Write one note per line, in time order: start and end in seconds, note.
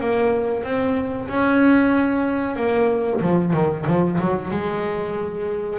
0.00 0.64 A#3
0.64 1.28 C4
1.28 2.56 C#4
2.56 3.21 A#3
3.21 3.53 F3
3.53 3.85 D#3
3.87 4.19 F3
4.20 4.51 F#3
4.51 5.79 G#3